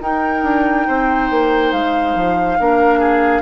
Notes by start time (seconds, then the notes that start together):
0.00 D#4 A#4 G5
0.42 D4
0.87 C4 C5
1.30 A#3
1.72 G#3 F5
2.14 F3
2.59 A#3 D4 A#4
2.99 G#4